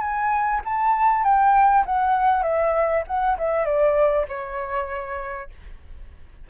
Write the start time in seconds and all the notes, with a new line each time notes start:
0.00 G#5
0.64 A5
1.23 G5
1.85 F#5
2.43 E5
3.07 F#5
3.38 E5
3.65 D5
4.28 C#5